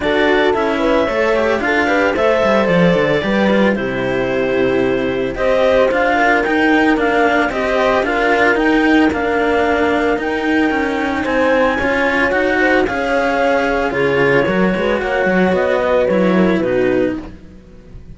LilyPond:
<<
  \new Staff \with { instrumentName = "clarinet" } { \time 4/4 \tempo 4 = 112 d''4 e''2 f''4 | e''4 d''2 c''4~ | c''2 dis''4 f''4 | g''4 f''4 dis''4 f''4 |
g''4 f''2 g''4~ | g''4 gis''2 fis''4 | f''2 cis''2 | fis''4 dis''4 cis''4 b'4 | }
  \new Staff \with { instrumentName = "horn" } { \time 4/4 a'4. b'8 cis''4 a'8 b'8 | c''2 b'4 g'4~ | g'2 c''4. ais'8~ | ais'2 c''4 ais'4~ |
ais'1~ | ais'4 c''4 cis''4. c''8 | cis''2 gis'4 ais'8 b'8 | cis''4. b'4 ais'8 fis'4 | }
  \new Staff \with { instrumentName = "cello" } { \time 4/4 fis'4 e'4 a'8 g'8 f'8 g'8 | a'2 g'8 f'8 e'4~ | e'2 g'4 f'4 | dis'4 d'4 g'4 f'4 |
dis'4 d'2 dis'4~ | dis'2 f'4 fis'4 | gis'2 f'4 fis'4~ | fis'2 e'4 dis'4 | }
  \new Staff \with { instrumentName = "cello" } { \time 4/4 d'4 cis'4 a4 d'4 | a8 g8 f8 d8 g4 c4~ | c2 c'4 d'4 | dis'4 ais4 c'4 d'4 |
dis'4 ais2 dis'4 | cis'4 c'4 cis'4 dis'4 | cis'2 cis4 fis8 gis8 | ais8 fis8 b4 fis4 b,4 | }
>>